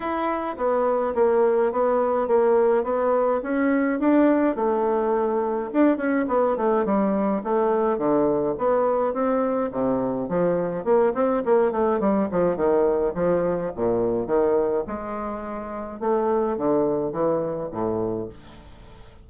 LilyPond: \new Staff \with { instrumentName = "bassoon" } { \time 4/4 \tempo 4 = 105 e'4 b4 ais4 b4 | ais4 b4 cis'4 d'4 | a2 d'8 cis'8 b8 a8 | g4 a4 d4 b4 |
c'4 c4 f4 ais8 c'8 | ais8 a8 g8 f8 dis4 f4 | ais,4 dis4 gis2 | a4 d4 e4 a,4 | }